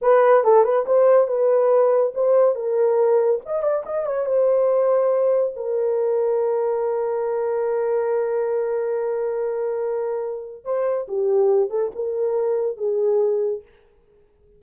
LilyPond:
\new Staff \with { instrumentName = "horn" } { \time 4/4 \tempo 4 = 141 b'4 a'8 b'8 c''4 b'4~ | b'4 c''4 ais'2 | dis''8 d''8 dis''8 cis''8 c''2~ | c''4 ais'2.~ |
ais'1~ | ais'1~ | ais'4 c''4 g'4. a'8 | ais'2 gis'2 | }